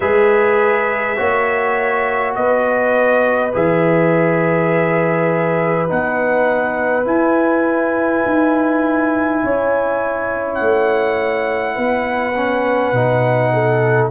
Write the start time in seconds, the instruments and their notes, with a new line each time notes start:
0.00 tuba G#3, trombone G#4, horn B4, trumpet E5
1.16 tuba A#3, trombone F#4, horn C#5
2.35 tuba B3, horn B4, trumpet D#5
3.52 tuba E3, trombone G#4, trumpet E5
5.87 tuba B3, trombone D#4, trumpet F#5
7.04 trombone E4, tuba E4, trumpet G#5
8.25 tuba D#4
9.43 tuba C#4, horn C#5
10.54 tuba A3, trumpet F#5
11.75 tuba B3, horn B4
12.36 trombone C#4
12.92 tuba B2, trombone D#4
13.53 horn A4